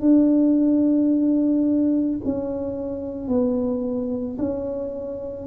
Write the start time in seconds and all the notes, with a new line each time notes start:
0.00 D4
2.24 C#4
3.28 B3
4.38 C#4